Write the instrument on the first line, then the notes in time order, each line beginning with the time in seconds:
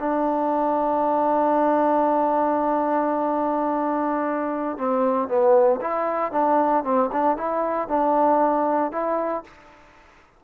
trombone
0.00 D4
4.78 C4
5.29 B3
5.81 E4
6.32 D4
6.84 C4
7.13 D4
7.38 E4
7.89 D4
8.92 E4